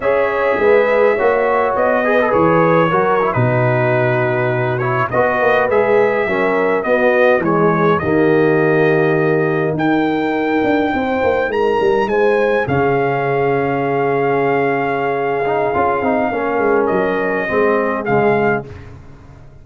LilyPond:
<<
  \new Staff \with { instrumentName = "trumpet" } { \time 4/4 \tempo 4 = 103 e''2. dis''4 | cis''4.~ cis''16 b'2~ b'16~ | b'16 cis''8 dis''4 e''2 dis''16~ | dis''8. cis''4 dis''2~ dis''16~ |
dis''8. g''2. ais''16~ | ais''8. gis''4 f''2~ f''16~ | f''1~ | f''4 dis''2 f''4 | }
  \new Staff \with { instrumentName = "horn" } { \time 4/4 cis''4 b'4 cis''4. b'8~ | b'4 ais'8. fis'2~ fis'16~ | fis'8. b'2 ais'4 fis'16~ | fis'8. gis'4 g'2~ g'16~ |
g'8. ais'2 c''4 ais'16~ | ais'8. c''4 gis'2~ gis'16~ | gis'1 | ais'2 gis'2 | }
  \new Staff \with { instrumentName = "trombone" } { \time 4/4 gis'2 fis'4. gis'16 a'16 | gis'4 fis'8 e'16 dis'2~ dis'16~ | dis'16 e'8 fis'4 gis'4 cis'4 b16~ | b8. gis4 ais2~ ais16~ |
ais8. dis'2.~ dis'16~ | dis'4.~ dis'16 cis'2~ cis'16~ | cis'2~ cis'8 dis'8 f'8 dis'8 | cis'2 c'4 gis4 | }
  \new Staff \with { instrumentName = "tuba" } { \time 4/4 cis'4 gis4 ais4 b4 | e4 fis8. b,2~ b,16~ | b,8. b8 ais8 gis4 fis4 b16~ | b8. e4 dis2~ dis16~ |
dis8. dis'4. d'8 c'8 ais8 gis16~ | gis16 g8 gis4 cis2~ cis16~ | cis2. cis'8 c'8 | ais8 gis8 fis4 gis4 cis4 | }
>>